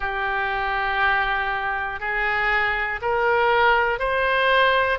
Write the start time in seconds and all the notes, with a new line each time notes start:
0.00 G4
2.00 G#4
3.01 A#4
3.99 C5